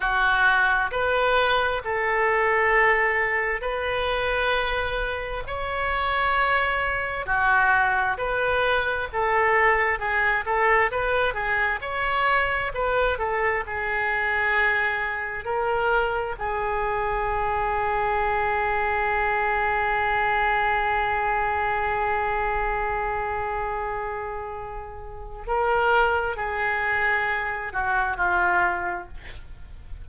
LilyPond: \new Staff \with { instrumentName = "oboe" } { \time 4/4 \tempo 4 = 66 fis'4 b'4 a'2 | b'2 cis''2 | fis'4 b'4 a'4 gis'8 a'8 | b'8 gis'8 cis''4 b'8 a'8 gis'4~ |
gis'4 ais'4 gis'2~ | gis'1~ | gis'1 | ais'4 gis'4. fis'8 f'4 | }